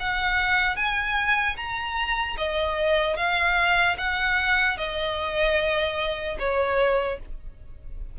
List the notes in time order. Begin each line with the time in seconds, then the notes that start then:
0.00 F#5
0.76 G#5
1.57 A#5
2.37 D#5
3.16 F5
3.97 F#5
4.77 D#5
6.39 C#5